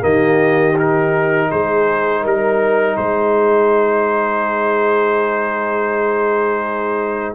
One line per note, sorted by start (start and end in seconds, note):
0.00 1.50 D#3
0.00 0.73 A#3
0.00 1.49 G4
0.00 0.76 D#5
0.77 7.35 D#4
0.77 1.51 A#4
1.50 2.24 G#3
1.50 2.21 G#4
1.50 2.24 C5
2.21 2.97 G3
2.21 2.94 A#4
2.21 2.96 A#4
2.96 7.35 G#3
2.96 7.35 G#4
2.96 7.35 C5